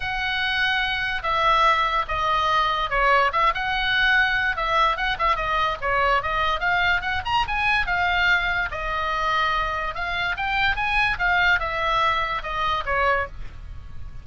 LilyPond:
\new Staff \with { instrumentName = "oboe" } { \time 4/4 \tempo 4 = 145 fis''2. e''4~ | e''4 dis''2 cis''4 | e''8 fis''2~ fis''8 e''4 | fis''8 e''8 dis''4 cis''4 dis''4 |
f''4 fis''8 ais''8 gis''4 f''4~ | f''4 dis''2. | f''4 g''4 gis''4 f''4 | e''2 dis''4 cis''4 | }